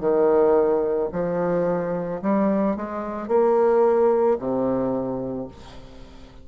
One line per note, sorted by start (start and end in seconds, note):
0.00 1.09 D#3
1.12 2.21 F3
2.22 2.76 G3
2.76 3.28 G#3
3.28 4.37 A#3
4.38 5.47 C3